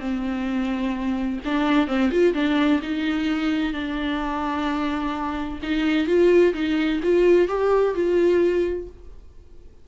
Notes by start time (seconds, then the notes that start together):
0.00 C4
1.45 D4
1.88 C4
2.11 F4
2.34 D4
2.82 D#4
3.73 D4
5.63 D#4
6.07 F4
6.54 D#4
7.03 F4
7.48 G4
7.95 F4